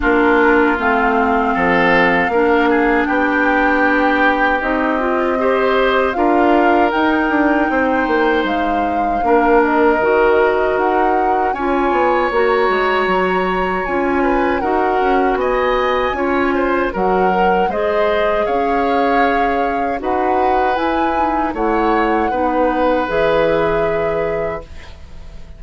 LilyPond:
<<
  \new Staff \with { instrumentName = "flute" } { \time 4/4 \tempo 4 = 78 ais'4 f''2. | g''2 dis''2 | f''4 g''2 f''4~ | f''8 dis''4. fis''4 gis''4 |
ais''2 gis''4 fis''4 | gis''2 fis''4 dis''4 | f''2 fis''4 gis''4 | fis''2 e''2 | }
  \new Staff \with { instrumentName = "oboe" } { \time 4/4 f'2 a'4 ais'8 gis'8 | g'2. c''4 | ais'2 c''2 | ais'2. cis''4~ |
cis''2~ cis''8 b'8 ais'4 | dis''4 cis''8 c''8 ais'4 c''4 | cis''2 b'2 | cis''4 b'2. | }
  \new Staff \with { instrumentName = "clarinet" } { \time 4/4 d'4 c'2 d'4~ | d'2 dis'8 f'8 g'4 | f'4 dis'2. | d'4 fis'2 f'4 |
fis'2 f'4 fis'4~ | fis'4 f'4 fis'8 ais'8 gis'4~ | gis'2 fis'4 e'8 dis'8 | e'4 dis'4 gis'2 | }
  \new Staff \with { instrumentName = "bassoon" } { \time 4/4 ais4 a4 f4 ais4 | b2 c'2 | d'4 dis'8 d'8 c'8 ais8 gis4 | ais4 dis4 dis'4 cis'8 b8 |
ais8 gis8 fis4 cis'4 dis'8 cis'8 | b4 cis'4 fis4 gis4 | cis'2 dis'4 e'4 | a4 b4 e2 | }
>>